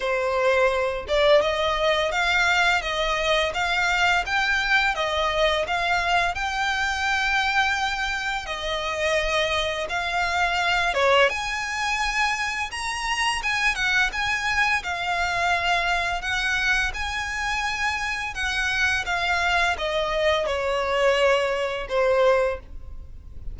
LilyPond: \new Staff \with { instrumentName = "violin" } { \time 4/4 \tempo 4 = 85 c''4. d''8 dis''4 f''4 | dis''4 f''4 g''4 dis''4 | f''4 g''2. | dis''2 f''4. cis''8 |
gis''2 ais''4 gis''8 fis''8 | gis''4 f''2 fis''4 | gis''2 fis''4 f''4 | dis''4 cis''2 c''4 | }